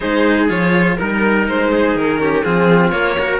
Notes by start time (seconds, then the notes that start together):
0.00 G#3 D#4 G#4 C5
0.48 F3 F4 C#5
0.96 G3 D#4 A#4
1.47 G#3 C5
1.71 G#4
1.95 D#3 A#4
2.18 C#4 G4
2.43 F3 C4 F4 G#4
2.89 A#3 C#5
3.18 F#4 A#4